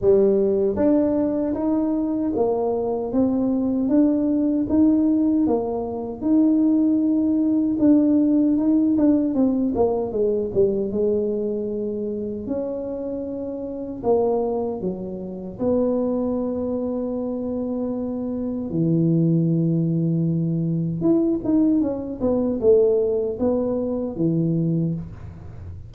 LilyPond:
\new Staff \with { instrumentName = "tuba" } { \time 4/4 \tempo 4 = 77 g4 d'4 dis'4 ais4 | c'4 d'4 dis'4 ais4 | dis'2 d'4 dis'8 d'8 | c'8 ais8 gis8 g8 gis2 |
cis'2 ais4 fis4 | b1 | e2. e'8 dis'8 | cis'8 b8 a4 b4 e4 | }